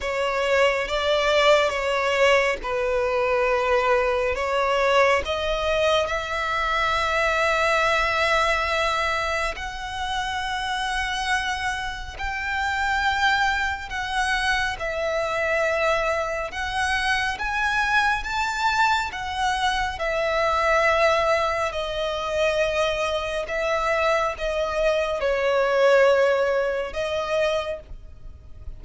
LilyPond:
\new Staff \with { instrumentName = "violin" } { \time 4/4 \tempo 4 = 69 cis''4 d''4 cis''4 b'4~ | b'4 cis''4 dis''4 e''4~ | e''2. fis''4~ | fis''2 g''2 |
fis''4 e''2 fis''4 | gis''4 a''4 fis''4 e''4~ | e''4 dis''2 e''4 | dis''4 cis''2 dis''4 | }